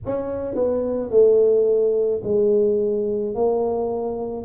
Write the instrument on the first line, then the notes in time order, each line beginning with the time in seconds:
tuba
0.05 C#4
0.55 B3
1.10 A3
2.23 G#3
3.34 A#3